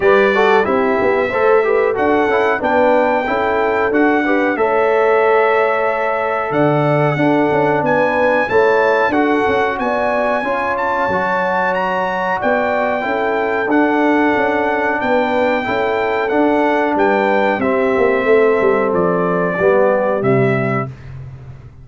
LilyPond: <<
  \new Staff \with { instrumentName = "trumpet" } { \time 4/4 \tempo 4 = 92 d''4 e''2 fis''4 | g''2 fis''4 e''4~ | e''2 fis''2 | gis''4 a''4 fis''4 gis''4~ |
gis''8 a''4. ais''4 g''4~ | g''4 fis''2 g''4~ | g''4 fis''4 g''4 e''4~ | e''4 d''2 e''4 | }
  \new Staff \with { instrumentName = "horn" } { \time 4/4 b'8 a'8 g'4 c''8 b'8 a'4 | b'4 a'4. b'8 cis''4~ | cis''2 d''4 a'4 | b'4 cis''4 a'4 d''4 |
cis''2. d''4 | a'2. b'4 | a'2 b'4 g'4 | a'2 g'2 | }
  \new Staff \with { instrumentName = "trombone" } { \time 4/4 g'8 fis'8 e'4 a'8 g'8 fis'8 e'8 | d'4 e'4 fis'8 g'8 a'4~ | a'2. d'4~ | d'4 e'4 fis'2 |
f'4 fis'2. | e'4 d'2. | e'4 d'2 c'4~ | c'2 b4 g4 | }
  \new Staff \with { instrumentName = "tuba" } { \time 4/4 g4 c'8 b8 a4 d'8 cis'8 | b4 cis'4 d'4 a4~ | a2 d4 d'8 cis'8 | b4 a4 d'8 cis'8 b4 |
cis'4 fis2 b4 | cis'4 d'4 cis'4 b4 | cis'4 d'4 g4 c'8 ais8 | a8 g8 f4 g4 c4 | }
>>